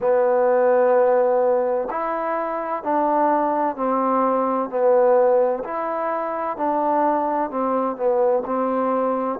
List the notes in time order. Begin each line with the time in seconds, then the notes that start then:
0.00 B3
1.90 E4
2.83 D4
3.76 C4
4.69 B3
5.63 E4
6.56 D4
7.50 C4
7.96 B3
8.45 C4